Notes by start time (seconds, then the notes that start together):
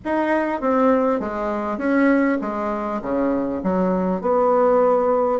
0.04 D#4
0.60 C4
1.19 G#3
1.78 C#4
2.41 G#3
3.02 C#3
3.63 F#3
4.21 B3